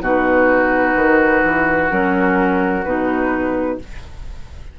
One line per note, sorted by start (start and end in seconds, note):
0.00 0.94 B2
0.00 1.90 D#4
0.00 3.77 F#4
0.00 1.90 B4
0.95 1.42 D#3
1.43 1.90 E3
1.90 2.85 F#3
1.90 2.84 C#4
1.90 2.84 A#4
2.84 3.78 B2
2.84 3.79 D#4
2.84 3.78 B4